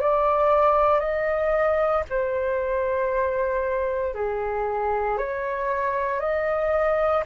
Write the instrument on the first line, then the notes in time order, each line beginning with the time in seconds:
flute
0.00 D5
0.99 D#5
2.09 C5
4.14 G#4
5.17 C#5
6.20 D#5